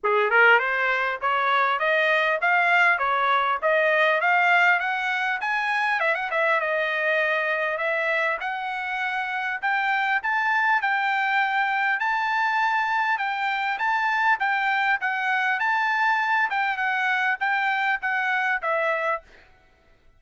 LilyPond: \new Staff \with { instrumentName = "trumpet" } { \time 4/4 \tempo 4 = 100 gis'8 ais'8 c''4 cis''4 dis''4 | f''4 cis''4 dis''4 f''4 | fis''4 gis''4 e''16 fis''16 e''8 dis''4~ | dis''4 e''4 fis''2 |
g''4 a''4 g''2 | a''2 g''4 a''4 | g''4 fis''4 a''4. g''8 | fis''4 g''4 fis''4 e''4 | }